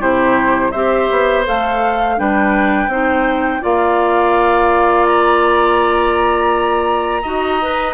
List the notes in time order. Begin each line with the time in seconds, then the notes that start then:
0.00 C3 E4 G4 C5
0.72 C4 G4 C5 E5
1.11 B3
1.45 A3 A4 F5
2.17 G3 D4 B4 G5
2.88 C4 D#4 C5
3.61 A#3 F4 D5 F5
5.06 A#5
7.23 D#4 F#4 D#5
7.62 B4